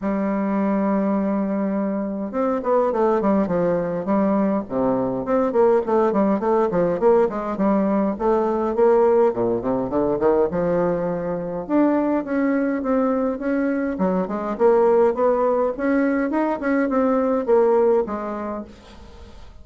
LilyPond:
\new Staff \with { instrumentName = "bassoon" } { \time 4/4 \tempo 4 = 103 g1 | c'8 b8 a8 g8 f4 g4 | c4 c'8 ais8 a8 g8 a8 f8 | ais8 gis8 g4 a4 ais4 |
ais,8 c8 d8 dis8 f2 | d'4 cis'4 c'4 cis'4 | fis8 gis8 ais4 b4 cis'4 | dis'8 cis'8 c'4 ais4 gis4 | }